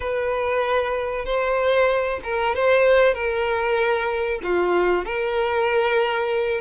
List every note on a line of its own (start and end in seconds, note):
0.00 1.25 B4
1.25 2.20 C5
2.23 2.55 A#4
2.55 3.13 C5
3.13 4.40 A#4
4.43 5.05 F4
5.05 6.60 A#4